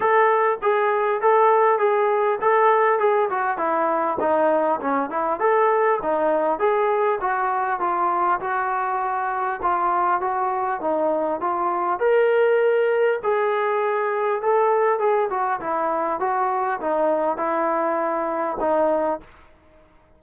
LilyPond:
\new Staff \with { instrumentName = "trombone" } { \time 4/4 \tempo 4 = 100 a'4 gis'4 a'4 gis'4 | a'4 gis'8 fis'8 e'4 dis'4 | cis'8 e'8 a'4 dis'4 gis'4 | fis'4 f'4 fis'2 |
f'4 fis'4 dis'4 f'4 | ais'2 gis'2 | a'4 gis'8 fis'8 e'4 fis'4 | dis'4 e'2 dis'4 | }